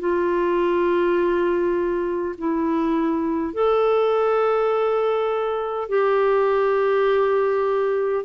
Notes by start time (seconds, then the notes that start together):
0.00 F4
2.38 E4
3.54 A4
5.89 G4